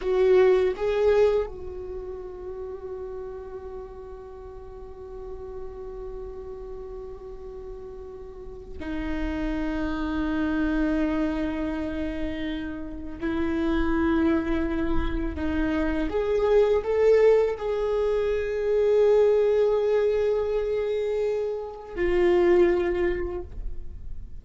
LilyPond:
\new Staff \with { instrumentName = "viola" } { \time 4/4 \tempo 4 = 82 fis'4 gis'4 fis'2~ | fis'1~ | fis'1 | dis'1~ |
dis'2 e'2~ | e'4 dis'4 gis'4 a'4 | gis'1~ | gis'2 f'2 | }